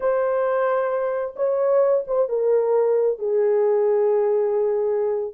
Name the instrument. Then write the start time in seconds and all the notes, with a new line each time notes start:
horn
0.00 C5
1.36 C#5
2.07 C5
2.29 A#4
3.18 G#4